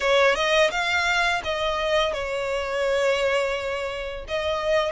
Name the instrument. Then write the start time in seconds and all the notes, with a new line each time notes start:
violin
0.00 C#5
0.35 D#5
0.71 F5
1.43 D#5
2.13 C#5
4.28 D#5